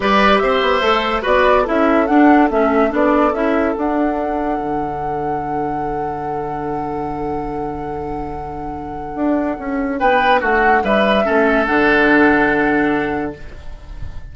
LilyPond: <<
  \new Staff \with { instrumentName = "flute" } { \time 4/4 \tempo 4 = 144 d''4 e''2 d''4 | e''4 fis''4 e''4 d''4 | e''4 fis''2.~ | fis''1~ |
fis''1~ | fis''1 | g''4 fis''4 e''2 | fis''1 | }
  \new Staff \with { instrumentName = "oboe" } { \time 4/4 b'4 c''2 b'4 | a'1~ | a'1~ | a'1~ |
a'1~ | a'1 | b'4 fis'4 b'4 a'4~ | a'1 | }
  \new Staff \with { instrumentName = "clarinet" } { \time 4/4 g'2 a'4 fis'4 | e'4 d'4 cis'4 d'4 | e'4 d'2.~ | d'1~ |
d'1~ | d'1~ | d'2. cis'4 | d'1 | }
  \new Staff \with { instrumentName = "bassoon" } { \time 4/4 g4 c'8 b8 a4 b4 | cis'4 d'4 a4 b4 | cis'4 d'2 d4~ | d1~ |
d1~ | d2 d'4 cis'4 | b4 a4 g4 a4 | d1 | }
>>